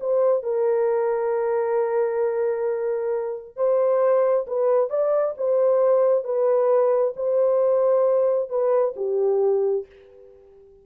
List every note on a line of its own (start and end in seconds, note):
0.00 0.43 C5
0.43 3.56 A#4
3.56 4.46 C5
4.47 4.90 B4
4.90 5.34 D5
5.37 6.24 C5
6.24 7.13 B4
7.16 8.49 C5
8.49 8.94 B4
8.96 9.85 G4